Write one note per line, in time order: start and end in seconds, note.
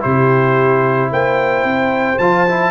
0.00 1.11 C3
0.00 2.16 E4
0.00 1.10 G4
0.00 1.10 C5
1.10 1.63 A#3
1.10 2.71 C5
1.10 2.18 G5
1.63 2.17 C4
2.18 2.71 F3
2.18 2.47 F4
2.18 2.71 A5
2.47 2.71 E4